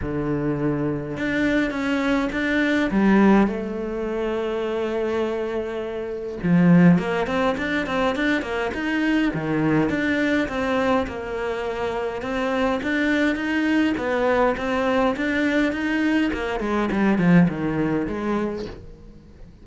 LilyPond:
\new Staff \with { instrumentName = "cello" } { \time 4/4 \tempo 4 = 103 d2 d'4 cis'4 | d'4 g4 a2~ | a2. f4 | ais8 c'8 d'8 c'8 d'8 ais8 dis'4 |
dis4 d'4 c'4 ais4~ | ais4 c'4 d'4 dis'4 | b4 c'4 d'4 dis'4 | ais8 gis8 g8 f8 dis4 gis4 | }